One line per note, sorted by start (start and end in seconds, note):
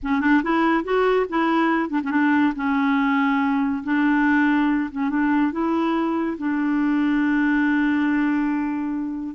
0.02 0.20 C#4
0.20 0.42 D4
0.43 0.84 E4
0.84 1.26 F#4
1.29 1.89 E4
1.89 2.00 D4
2.03 2.10 C#4
2.10 2.53 D4
2.55 3.83 C#4
3.83 4.90 D4
4.91 5.09 C#4
5.09 5.52 D4
5.52 6.37 E4
6.37 9.34 D4